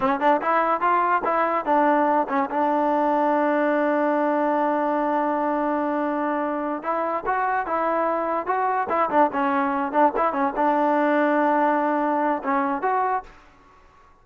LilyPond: \new Staff \with { instrumentName = "trombone" } { \time 4/4 \tempo 4 = 145 cis'8 d'8 e'4 f'4 e'4 | d'4. cis'8 d'2~ | d'1~ | d'1~ |
d'8 e'4 fis'4 e'4.~ | e'8 fis'4 e'8 d'8 cis'4. | d'8 e'8 cis'8 d'2~ d'8~ | d'2 cis'4 fis'4 | }